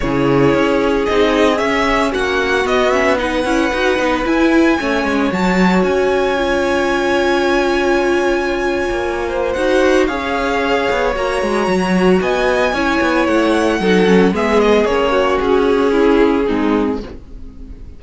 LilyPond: <<
  \new Staff \with { instrumentName = "violin" } { \time 4/4 \tempo 4 = 113 cis''2 dis''4 e''4 | fis''4 dis''8 e''8 fis''2 | gis''2 a''4 gis''4~ | gis''1~ |
gis''2 fis''4 f''4~ | f''4 ais''2 gis''4~ | gis''4 fis''2 e''8 dis''8 | cis''4 gis'2. | }
  \new Staff \with { instrumentName = "violin" } { \time 4/4 gis'1 | fis'2 b'2~ | b'4 cis''2.~ | cis''1~ |
cis''4. c''4. cis''4~ | cis''2. dis''4 | cis''2 a'4 gis'4~ | gis'8 fis'4. e'4 dis'4 | }
  \new Staff \with { instrumentName = "viola" } { \time 4/4 e'2 dis'4 cis'4~ | cis'4 b8 cis'8 dis'8 e'8 fis'8 dis'8 | e'4 cis'4 fis'2 | f'1~ |
f'2 fis'4 gis'4~ | gis'4 fis'2. | e'2 dis'8 cis'8 b4 | cis'2. c'4 | }
  \new Staff \with { instrumentName = "cello" } { \time 4/4 cis4 cis'4 c'4 cis'4 | ais4 b4. cis'8 dis'8 b8 | e'4 a8 gis8 fis4 cis'4~ | cis'1~ |
cis'8. ais4~ ais16 dis'4 cis'4~ | cis'8 b8 ais8 gis8 fis4 b4 | cis'8 b8 a4 fis4 gis4 | ais4 cis'2 gis4 | }
>>